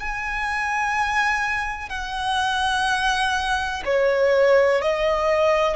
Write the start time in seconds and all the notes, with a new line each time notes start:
0.00 G#5
1.90 F#5
3.86 C#5
4.82 D#5